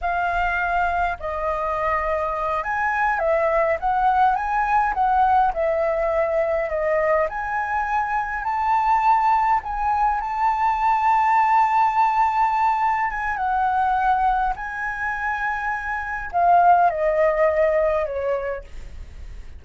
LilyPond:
\new Staff \with { instrumentName = "flute" } { \time 4/4 \tempo 4 = 103 f''2 dis''2~ | dis''8 gis''4 e''4 fis''4 gis''8~ | gis''8 fis''4 e''2 dis''8~ | dis''8 gis''2 a''4.~ |
a''8 gis''4 a''2~ a''8~ | a''2~ a''8 gis''8 fis''4~ | fis''4 gis''2. | f''4 dis''2 cis''4 | }